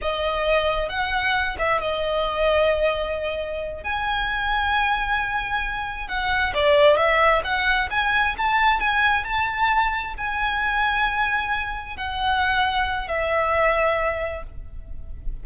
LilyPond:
\new Staff \with { instrumentName = "violin" } { \time 4/4 \tempo 4 = 133 dis''2 fis''4. e''8 | dis''1~ | dis''8 gis''2.~ gis''8~ | gis''4. fis''4 d''4 e''8~ |
e''8 fis''4 gis''4 a''4 gis''8~ | gis''8 a''2 gis''4.~ | gis''2~ gis''8 fis''4.~ | fis''4 e''2. | }